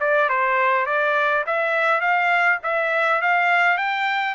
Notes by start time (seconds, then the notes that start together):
0.00 D5
0.29 C5
0.86 D5
1.46 E5
2.01 F5
2.63 E5
3.22 F5
3.78 G5